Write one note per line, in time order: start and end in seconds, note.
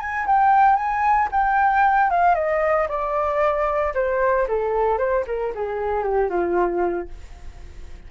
0.00 0.26 G#5
0.27 0.76 G5
0.76 1.29 G#5
1.32 2.11 G5
2.11 2.35 F5
2.35 2.88 D#5
2.89 3.94 D5
3.94 4.47 C5
4.48 4.98 A4
4.98 5.24 C5
5.27 5.53 A#4
5.55 6.04 G#4
6.04 6.30 G4
6.30 7.09 F4